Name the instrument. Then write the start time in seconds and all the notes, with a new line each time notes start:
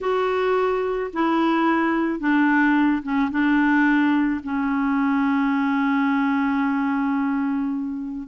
clarinet
0.00 F#4
1.13 E4
2.19 D4
3.03 C#4
3.31 D4
4.43 C#4